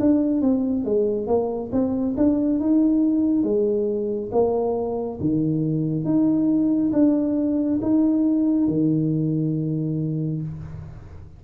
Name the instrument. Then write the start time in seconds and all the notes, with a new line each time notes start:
tuba
0.00 D4
0.42 C4
0.85 G#3
1.27 A#3
1.72 C4
2.17 D4
2.60 D#4
3.43 G#3
4.32 A#3
5.21 D#3
6.05 D#4
6.93 D4
7.82 D#4
8.68 D#3